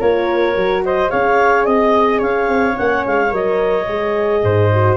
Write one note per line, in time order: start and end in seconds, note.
0.00 0.56 A#3
0.00 0.55 F4
0.00 0.83 A#4
0.00 0.83 C#5
0.55 1.11 F#3
0.55 1.09 F#4
0.85 1.11 C5
0.85 1.10 D#5
1.09 1.66 C#4
1.09 2.73 G#4
1.09 1.66 C#5
1.09 1.65 F5
1.65 2.21 C4
1.65 2.20 D#5
1.65 2.18 D#5
2.18 2.48 C#4
2.18 4.41 C#5
2.18 2.77 F5
2.48 2.76 C4
2.73 3.28 C#4
2.73 3.05 F#5
2.79 3.07 A#3
3.06 3.32 G#3
3.06 3.34 F5
3.30 3.88 F#3
3.30 3.86 A#4
3.30 4.97 D#5
3.88 4.43 G#3
3.88 4.71 G#4
4.43 4.97 G#2
4.43 4.97 C5
4.73 4.97 F#4